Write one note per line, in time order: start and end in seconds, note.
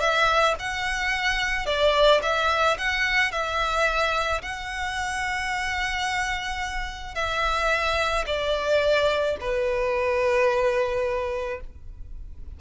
0.00 0.55 E5
0.60 1.66 F#5
1.66 2.21 D5
2.22 2.77 E5
2.78 3.32 F#5
3.32 4.42 E5
4.42 7.15 F#5
7.15 8.25 E5
8.26 9.37 D5
9.41 11.61 B4